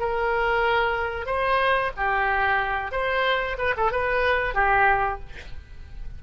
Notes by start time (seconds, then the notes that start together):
0.00 A#4
1.26 C5
1.97 G4
2.92 C5
3.58 B4
3.77 A4
3.92 B4
4.55 G4